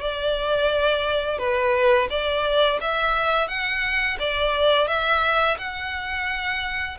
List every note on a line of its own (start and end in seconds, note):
0.00 1.38 D5
1.38 2.08 B4
2.10 2.79 D5
2.80 3.48 E5
3.48 4.17 F#5
4.19 4.87 D5
4.87 5.57 E5
5.58 6.97 F#5